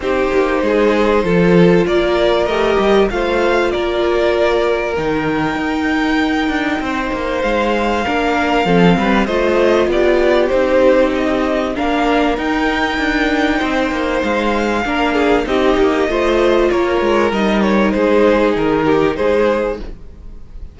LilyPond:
<<
  \new Staff \with { instrumentName = "violin" } { \time 4/4 \tempo 4 = 97 c''2. d''4 | dis''4 f''4 d''2 | g''1 | f''2. dis''4 |
d''4 c''4 dis''4 f''4 | g''2. f''4~ | f''4 dis''2 cis''4 | dis''8 cis''8 c''4 ais'4 c''4 | }
  \new Staff \with { instrumentName = "violin" } { \time 4/4 g'4 gis'4 a'4 ais'4~ | ais'4 c''4 ais'2~ | ais'2. c''4~ | c''4 ais'4 a'8 b'8 c''4 |
g'2. ais'4~ | ais'2 c''2 | ais'8 gis'8 g'4 c''4 ais'4~ | ais'4 gis'4. g'8 gis'4 | }
  \new Staff \with { instrumentName = "viola" } { \time 4/4 dis'2 f'2 | g'4 f'2. | dis'1~ | dis'4 d'4 c'4 f'4~ |
f'4 dis'2 d'4 | dis'1 | d'4 dis'4 f'2 | dis'1 | }
  \new Staff \with { instrumentName = "cello" } { \time 4/4 c'8 ais8 gis4 f4 ais4 | a8 g8 a4 ais2 | dis4 dis'4. d'8 c'8 ais8 | gis4 ais4 f8 g8 a4 |
b4 c'2 ais4 | dis'4 d'4 c'8 ais8 gis4 | ais4 c'8 ais8 a4 ais8 gis8 | g4 gis4 dis4 gis4 | }
>>